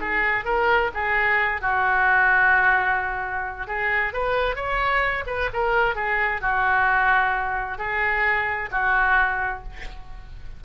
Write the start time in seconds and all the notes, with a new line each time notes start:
0.00 G#4
0.45 A#4
0.94 G#4
1.61 F#4
3.67 G#4
4.13 B4
4.55 C#5
5.26 B4
5.53 A#4
5.95 G#4
6.41 F#4
7.78 G#4
8.71 F#4